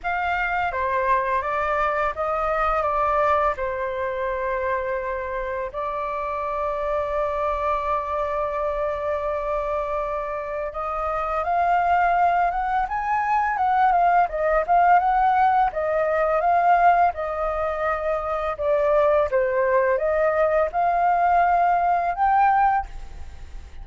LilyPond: \new Staff \with { instrumentName = "flute" } { \time 4/4 \tempo 4 = 84 f''4 c''4 d''4 dis''4 | d''4 c''2. | d''1~ | d''2. dis''4 |
f''4. fis''8 gis''4 fis''8 f''8 | dis''8 f''8 fis''4 dis''4 f''4 | dis''2 d''4 c''4 | dis''4 f''2 g''4 | }